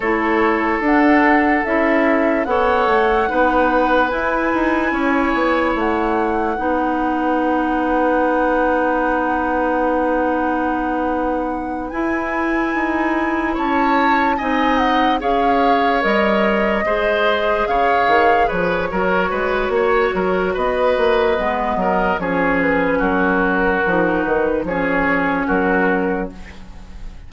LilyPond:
<<
  \new Staff \with { instrumentName = "flute" } { \time 4/4 \tempo 4 = 73 cis''4 fis''4 e''4 fis''4~ | fis''4 gis''2 fis''4~ | fis''1~ | fis''2~ fis''8 gis''4.~ |
gis''8 a''4 gis''8 fis''8 f''4 dis''8~ | dis''4. f''4 cis''4.~ | cis''4 dis''2 cis''8 b'8 | ais'4. b'8 cis''4 ais'4 | }
  \new Staff \with { instrumentName = "oboe" } { \time 4/4 a'2. cis''4 | b'2 cis''2 | b'1~ | b'1~ |
b'8 cis''4 dis''4 cis''4.~ | cis''8 c''4 cis''4 b'8 ais'8 b'8 | cis''8 ais'8 b'4. ais'8 gis'4 | fis'2 gis'4 fis'4 | }
  \new Staff \with { instrumentName = "clarinet" } { \time 4/4 e'4 d'4 e'4 a'4 | dis'4 e'2. | dis'1~ | dis'2~ dis'8 e'4.~ |
e'4. dis'4 gis'4 ais'8~ | ais'8 gis'2~ gis'8 fis'4~ | fis'2 b4 cis'4~ | cis'4 dis'4 cis'2 | }
  \new Staff \with { instrumentName = "bassoon" } { \time 4/4 a4 d'4 cis'4 b8 a8 | b4 e'8 dis'8 cis'8 b8 a4 | b1~ | b2~ b8 e'4 dis'8~ |
dis'8 cis'4 c'4 cis'4 g8~ | g8 gis4 cis8 dis8 f8 fis8 gis8 | ais8 fis8 b8 ais8 gis8 fis8 f4 | fis4 f8 dis8 f4 fis4 | }
>>